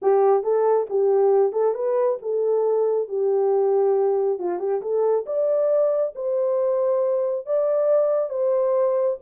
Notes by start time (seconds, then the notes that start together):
0.02 G4
0.43 A4
0.89 G4
1.52 A4
1.74 B4
2.22 A4
3.08 G4
4.39 F4
4.59 G4
4.81 A4
5.26 D5
6.15 C5
7.46 D5
8.29 C5